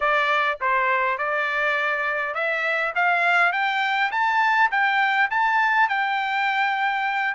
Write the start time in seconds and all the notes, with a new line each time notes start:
0.00 D5
0.60 C5
1.17 D5
2.34 E5
2.95 F5
3.52 G5
4.11 A5
4.71 G5
5.30 A5
5.89 G5